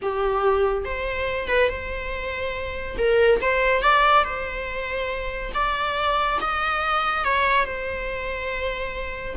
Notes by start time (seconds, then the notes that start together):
0.02 G4
0.84 C5
1.48 B4
1.69 C5
2.98 A#4
3.41 C5
3.82 D5
4.24 C5
5.54 D5
6.40 D#5
7.24 C#5
7.65 C5